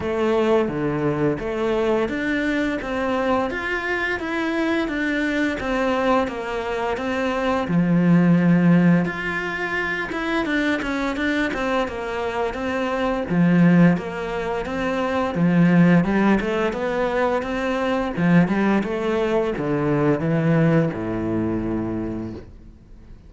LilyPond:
\new Staff \with { instrumentName = "cello" } { \time 4/4 \tempo 4 = 86 a4 d4 a4 d'4 | c'4 f'4 e'4 d'4 | c'4 ais4 c'4 f4~ | f4 f'4. e'8 d'8 cis'8 |
d'8 c'8 ais4 c'4 f4 | ais4 c'4 f4 g8 a8 | b4 c'4 f8 g8 a4 | d4 e4 a,2 | }